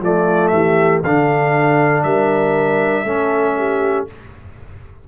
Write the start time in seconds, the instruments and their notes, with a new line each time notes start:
0.00 tuba F3, trombone A3, horn F4, trumpet D5
0.47 tuba E3, horn G4, trumpet E5
1.03 tuba D3, trombone D4, horn A4, trumpet F5
2.03 tuba G3, horn A#4, trumpet E5
3.04 tuba A3, trombone C#4, horn A4
3.57 horn G4